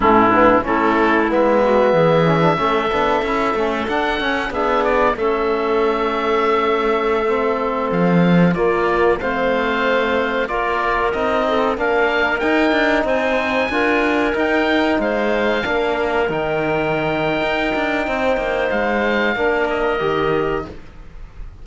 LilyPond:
<<
  \new Staff \with { instrumentName = "oboe" } { \time 4/4 \tempo 4 = 93 e'4 a'4 e''2~ | e''2 fis''4 e''8 d''8 | e''1~ | e''16 f''4 d''4 f''4.~ f''16~ |
f''16 d''4 dis''4 f''4 g''8.~ | g''16 gis''2 g''4 f''8.~ | f''4~ f''16 g''2~ g''8.~ | g''4 f''4. dis''4. | }
  \new Staff \with { instrumentName = "clarinet" } { \time 4/4 cis'8 d'8 e'4. fis'8 gis'4 | a'2. gis'4 | a'1~ | a'4~ a'16 f'4 c''4.~ c''16~ |
c''16 ais'4. a'8 ais'4.~ ais'16~ | ais'16 c''4 ais'2 c''8.~ | c''16 ais'2.~ ais'8. | c''2 ais'2 | }
  \new Staff \with { instrumentName = "trombone" } { \time 4/4 a8 b8 cis'4 b4. cis'16 d'16 | cis'8 d'8 e'8 cis'8 d'8 cis'8 d'4 | cis'2.~ cis'16 c'8.~ | c'4~ c'16 ais4 c'4.~ c'16~ |
c'16 f'4 dis'4 d'4 dis'8.~ | dis'4~ dis'16 f'4 dis'4.~ dis'16~ | dis'16 d'4 dis'2~ dis'8.~ | dis'2 d'4 g'4 | }
  \new Staff \with { instrumentName = "cello" } { \time 4/4 a,4 a4 gis4 e4 | a8 b8 cis'8 a8 d'8 cis'8 b4 | a1~ | a16 f4 ais4 a4.~ a16~ |
a16 ais4 c'4 ais4 dis'8 d'16~ | d'16 c'4 d'4 dis'4 gis8.~ | gis16 ais4 dis4.~ dis16 dis'8 d'8 | c'8 ais8 gis4 ais4 dis4 | }
>>